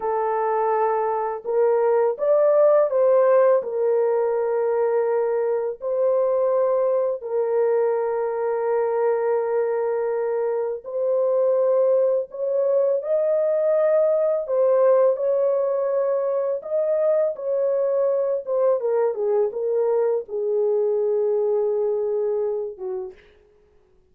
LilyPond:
\new Staff \with { instrumentName = "horn" } { \time 4/4 \tempo 4 = 83 a'2 ais'4 d''4 | c''4 ais'2. | c''2 ais'2~ | ais'2. c''4~ |
c''4 cis''4 dis''2 | c''4 cis''2 dis''4 | cis''4. c''8 ais'8 gis'8 ais'4 | gis'2.~ gis'8 fis'8 | }